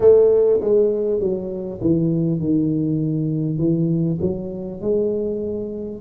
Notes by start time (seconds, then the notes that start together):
0.00 A3
0.60 G#3
1.20 F#3
1.81 E3
2.39 D#3
3.58 E3
4.21 F#3
4.81 G#3